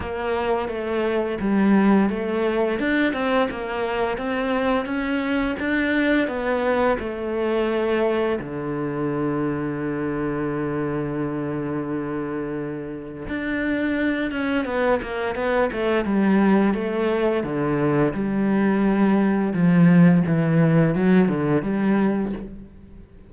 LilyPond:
\new Staff \with { instrumentName = "cello" } { \time 4/4 \tempo 4 = 86 ais4 a4 g4 a4 | d'8 c'8 ais4 c'4 cis'4 | d'4 b4 a2 | d1~ |
d2. d'4~ | d'8 cis'8 b8 ais8 b8 a8 g4 | a4 d4 g2 | f4 e4 fis8 d8 g4 | }